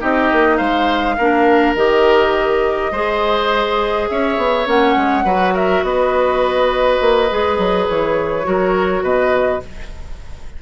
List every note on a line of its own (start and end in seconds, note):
0.00 0.32 C4
0.00 1.17 D#4
0.00 0.57 G4
0.00 0.58 D#5
0.32 0.60 A#3
0.57 1.18 G#3
0.57 1.16 C5
0.57 1.74 F5
1.18 1.75 A#3
1.18 1.77 D4
1.18 2.92 A#4
1.75 2.92 D#3
1.75 2.93 G4
1.75 4.09 D#5
2.92 4.08 G#3
2.92 4.66 G#4
2.92 4.09 C5
4.09 4.37 C#4
4.09 5.25 C#5
4.09 4.67 E5
4.37 4.67 B3
4.66 4.96 A#3
4.66 5.25 C#4
4.66 5.55 F#5
4.96 5.25 G#3
5.25 5.83 F#3
5.25 7.29 F#4
5.25 5.54 B4
5.54 5.83 A#4
5.54 5.84 E5
5.83 7.00 B3
5.83 8.48 B4
5.83 7.88 D#5
7.01 7.30 A#3
7.30 7.58 G#3
7.30 8.44 G#4
7.58 7.87 F#3
7.88 8.47 E3
7.88 9.04 C#5
8.44 9.02 F#3
8.44 9.60 F#4
8.44 9.04 A#4
9.02 9.61 B2
9.02 9.62 B4
9.02 9.62 D#5